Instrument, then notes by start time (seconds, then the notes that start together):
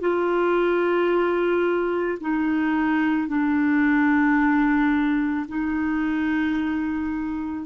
clarinet
0.00 F4
2.21 D#4
3.28 D4
5.48 D#4